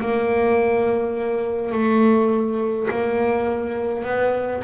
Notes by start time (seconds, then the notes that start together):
0.00 A#3
1.72 A3
2.90 A#3
4.04 B3